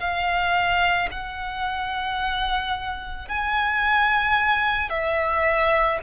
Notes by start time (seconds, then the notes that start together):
0.00 F5
1.11 F#5
3.28 G#5
4.89 E5